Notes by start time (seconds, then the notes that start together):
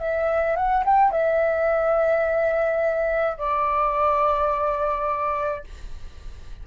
0.00 E5
0.56 F#5
0.85 G5
1.12 E5
3.38 D5